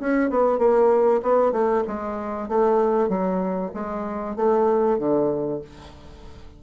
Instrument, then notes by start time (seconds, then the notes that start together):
bassoon
0.00 C#4
0.30 B3
0.59 A#3
1.22 B3
1.52 A3
1.88 G#3
2.48 A3
3.09 F#3
3.74 G#3
4.36 A3
4.99 D3